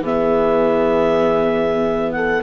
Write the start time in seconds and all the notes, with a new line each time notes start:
0.00 E3 B3 G#4 E5
2.12 A4 F#5